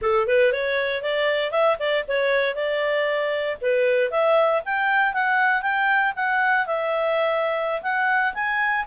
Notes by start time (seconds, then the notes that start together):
0.01 A4
0.27 B4
0.52 C#5
1.02 D5
1.51 E5
1.79 D5
2.08 C#5
2.55 D5
3.61 B4
4.10 E5
4.65 G5
5.13 F#5
5.62 G5
6.16 F#5
6.66 E5
7.82 F#5
8.34 G#5